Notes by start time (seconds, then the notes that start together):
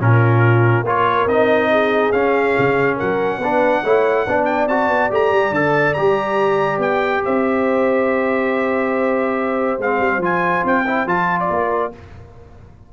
0.00 A#2 C#4 F4 A#4
0.83 A#3 F4 A#4 C#5
1.26 C4 D#4 D#5
1.70 G#4
2.12 C#4 F5
2.58 C#3
2.96 F#3 A#4 F#5
3.38 B3 D4 B4
3.83 A3 E4 C#5
4.27 B3 D4 D5
4.45 G5
4.67 C4 F#4 A5
4.88 B3
5.11 A3 G4 A#5
5.32 G3
5.51 D3 A4 A5
5.94 G3 G4 A#5
6.78 B3 G5
7.24 C4 C5 E5
9.78 G#3 C4 F5
9.99 G3
10.18 F3 F4 G#5
10.64 C4 G5
10.87 E4
11.06 F3 F4 A5
11.40 D5
11.50 A#3 A#4